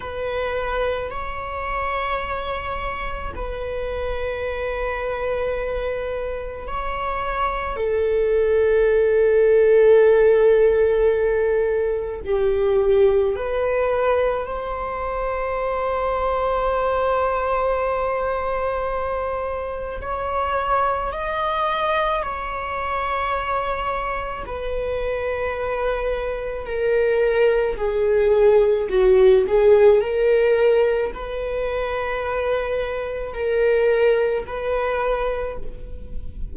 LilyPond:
\new Staff \with { instrumentName = "viola" } { \time 4/4 \tempo 4 = 54 b'4 cis''2 b'4~ | b'2 cis''4 a'4~ | a'2. g'4 | b'4 c''2.~ |
c''2 cis''4 dis''4 | cis''2 b'2 | ais'4 gis'4 fis'8 gis'8 ais'4 | b'2 ais'4 b'4 | }